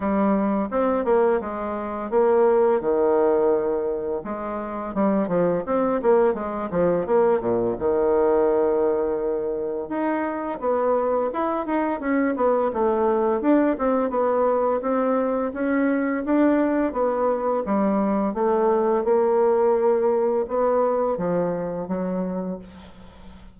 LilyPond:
\new Staff \with { instrumentName = "bassoon" } { \time 4/4 \tempo 4 = 85 g4 c'8 ais8 gis4 ais4 | dis2 gis4 g8 f8 | c'8 ais8 gis8 f8 ais8 ais,8 dis4~ | dis2 dis'4 b4 |
e'8 dis'8 cis'8 b8 a4 d'8 c'8 | b4 c'4 cis'4 d'4 | b4 g4 a4 ais4~ | ais4 b4 f4 fis4 | }